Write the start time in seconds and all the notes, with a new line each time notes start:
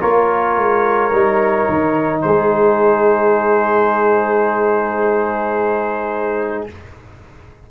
0.00 A#3 F4 A#4 C#5
0.56 G#3
1.12 G3 D#4
1.68 D#3
2.21 G#3 G#4 C5